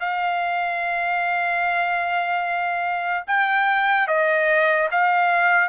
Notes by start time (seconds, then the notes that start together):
0.00 F5
3.28 G5
4.08 D#5
4.92 F5